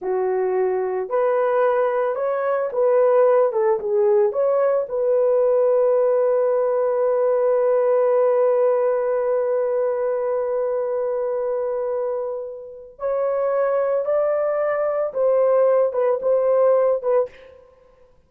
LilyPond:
\new Staff \with { instrumentName = "horn" } { \time 4/4 \tempo 4 = 111 fis'2 b'2 | cis''4 b'4. a'8 gis'4 | cis''4 b'2.~ | b'1~ |
b'1~ | b'1 | cis''2 d''2 | c''4. b'8 c''4. b'8 | }